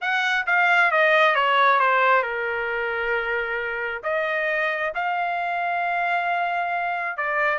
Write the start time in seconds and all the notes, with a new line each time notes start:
0.01 F#5
0.46 F5
0.91 D#5
1.35 C#5
1.79 C5
2.22 A#4
4.03 D#5
4.95 F5
7.17 D5